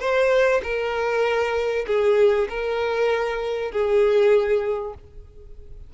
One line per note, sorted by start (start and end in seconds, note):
0.00 0.61 C5
0.63 1.86 A#4
1.87 2.48 G#4
2.49 3.72 A#4
3.72 4.94 G#4